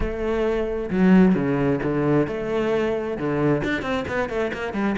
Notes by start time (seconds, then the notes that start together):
0.00 A3
0.90 F#3
1.35 C#3
1.83 D3
2.27 A3
3.17 D3
3.63 D4
3.82 C4
4.08 B3
4.29 A3
4.53 A#3
4.73 G3